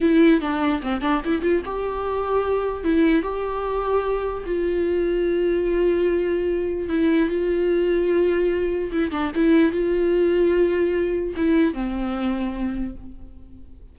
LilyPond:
\new Staff \with { instrumentName = "viola" } { \time 4/4 \tempo 4 = 148 e'4 d'4 c'8 d'8 e'8 f'8 | g'2. e'4 | g'2. f'4~ | f'1~ |
f'4 e'4 f'2~ | f'2 e'8 d'8 e'4 | f'1 | e'4 c'2. | }